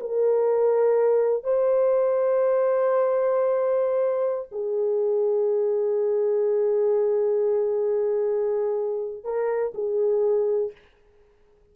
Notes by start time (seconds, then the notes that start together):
0.00 A#4
1.43 C5
4.51 G#4
9.24 A#4
9.74 G#4